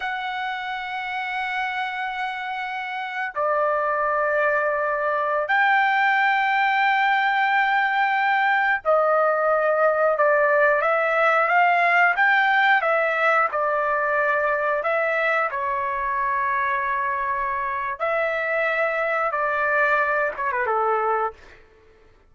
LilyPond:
\new Staff \with { instrumentName = "trumpet" } { \time 4/4 \tempo 4 = 90 fis''1~ | fis''4 d''2.~ | d''16 g''2.~ g''8.~ | g''4~ g''16 dis''2 d''8.~ |
d''16 e''4 f''4 g''4 e''8.~ | e''16 d''2 e''4 cis''8.~ | cis''2. e''4~ | e''4 d''4. cis''16 b'16 a'4 | }